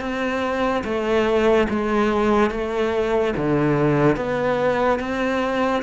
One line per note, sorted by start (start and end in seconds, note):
0.00 0.83 C4
0.84 1.67 A3
1.69 2.50 G#3
2.50 3.34 A3
3.36 4.16 D3
4.16 4.99 B3
4.99 5.83 C4